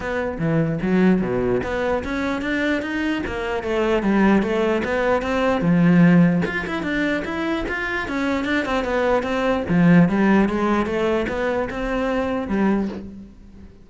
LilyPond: \new Staff \with { instrumentName = "cello" } { \time 4/4 \tempo 4 = 149 b4 e4 fis4 b,4 | b4 cis'4 d'4 dis'4 | ais4 a4 g4 a4 | b4 c'4 f2 |
f'8 e'8 d'4 e'4 f'4 | cis'4 d'8 c'8 b4 c'4 | f4 g4 gis4 a4 | b4 c'2 g4 | }